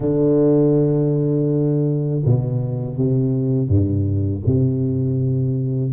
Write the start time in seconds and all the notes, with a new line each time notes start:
0.00 D3
2.25 B2
2.97 C3
3.68 G2
4.46 C3